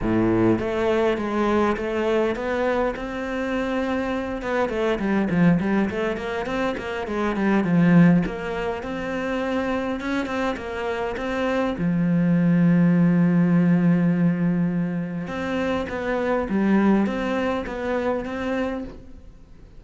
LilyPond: \new Staff \with { instrumentName = "cello" } { \time 4/4 \tempo 4 = 102 a,4 a4 gis4 a4 | b4 c'2~ c'8 b8 | a8 g8 f8 g8 a8 ais8 c'8 ais8 | gis8 g8 f4 ais4 c'4~ |
c'4 cis'8 c'8 ais4 c'4 | f1~ | f2 c'4 b4 | g4 c'4 b4 c'4 | }